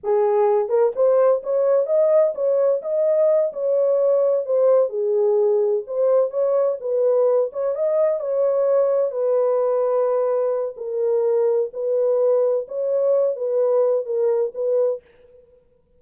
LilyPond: \new Staff \with { instrumentName = "horn" } { \time 4/4 \tempo 4 = 128 gis'4. ais'8 c''4 cis''4 | dis''4 cis''4 dis''4. cis''8~ | cis''4. c''4 gis'4.~ | gis'8 c''4 cis''4 b'4. |
cis''8 dis''4 cis''2 b'8~ | b'2. ais'4~ | ais'4 b'2 cis''4~ | cis''8 b'4. ais'4 b'4 | }